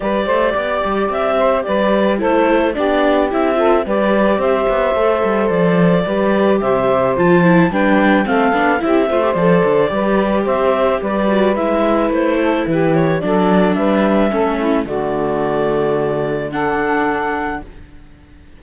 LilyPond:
<<
  \new Staff \with { instrumentName = "clarinet" } { \time 4/4 \tempo 4 = 109 d''2 e''4 d''4 | c''4 d''4 e''4 d''4 | e''2 d''2 | e''4 a''4 g''4 f''4 |
e''4 d''2 e''4 | d''4 e''4 c''4 b'8 cis''8 | d''4 e''2 d''4~ | d''2 fis''2 | }
  \new Staff \with { instrumentName = "saxophone" } { \time 4/4 b'8 c''8 d''4. c''8 b'4 | a'4 g'4. a'8 b'4 | c''2. b'4 | c''2 b'4 a'4 |
g'8 c''4. b'4 c''4 | b'2~ b'8 a'8 g'4 | a'4 b'4 a'8 e'8 fis'4~ | fis'2 a'2 | }
  \new Staff \with { instrumentName = "viola" } { \time 4/4 g'1 | e'4 d'4 e'8 f'8 g'4~ | g'4 a'2 g'4~ | g'4 f'8 e'8 d'4 c'8 d'8 |
e'8 f'16 g'16 a'4 g'2~ | g'8 fis'8 e'2. | d'2 cis'4 a4~ | a2 d'2 | }
  \new Staff \with { instrumentName = "cello" } { \time 4/4 g8 a8 b8 g8 c'4 g4 | a4 b4 c'4 g4 | c'8 b8 a8 g8 f4 g4 | c4 f4 g4 a8 b8 |
c'8 a8 f8 d8 g4 c'4 | g4 gis4 a4 e4 | fis4 g4 a4 d4~ | d1 | }
>>